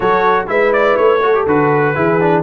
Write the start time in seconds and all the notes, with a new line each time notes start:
0.00 F#3 F#4 A4 C#5
0.47 G#3 E4 B4 E5
0.72 D5
0.96 A3 C#5
1.22 F#4 A4
1.34 G4
1.45 D3 F#4 B4
1.95 E3 E4 G#4
2.20 D4